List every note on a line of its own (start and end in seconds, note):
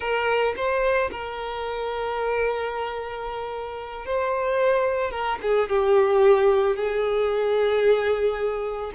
0.00 0.54 A#4
0.56 1.10 C5
1.11 4.05 A#4
4.05 5.11 C5
5.11 5.38 A#4
5.42 5.69 G#4
5.69 6.75 G4
6.75 8.92 G#4